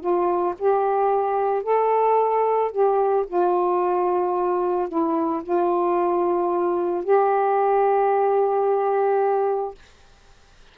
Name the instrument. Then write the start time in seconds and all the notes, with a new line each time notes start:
saxophone
0.00 F4
0.59 G4
1.63 A4
2.71 G4
3.27 F4
4.89 E4
5.43 F4
7.04 G4